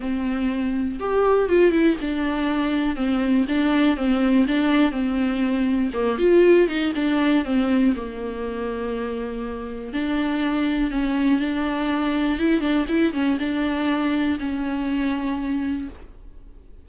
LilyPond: \new Staff \with { instrumentName = "viola" } { \time 4/4 \tempo 4 = 121 c'2 g'4 f'8 e'8 | d'2 c'4 d'4 | c'4 d'4 c'2 | ais8 f'4 dis'8 d'4 c'4 |
ais1 | d'2 cis'4 d'4~ | d'4 e'8 d'8 e'8 cis'8 d'4~ | d'4 cis'2. | }